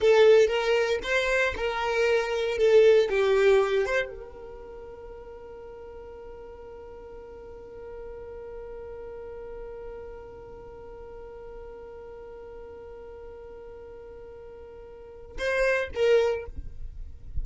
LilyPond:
\new Staff \with { instrumentName = "violin" } { \time 4/4 \tempo 4 = 117 a'4 ais'4 c''4 ais'4~ | ais'4 a'4 g'4. c''8 | ais'1~ | ais'1~ |
ais'1~ | ais'1~ | ais'1~ | ais'2 c''4 ais'4 | }